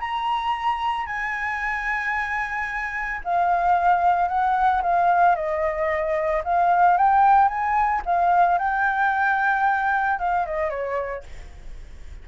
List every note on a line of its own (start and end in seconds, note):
0.00 1.06 A#5
1.06 3.21 G#5
3.24 4.28 F5
4.28 4.82 F#5
4.83 5.36 F5
5.36 6.43 D#5
6.44 6.98 F5
6.98 7.49 G5
7.49 8.02 G#5
8.06 8.59 F5
8.59 10.19 G5
10.19 10.46 F5
10.46 10.70 D#5
10.70 11.24 C#5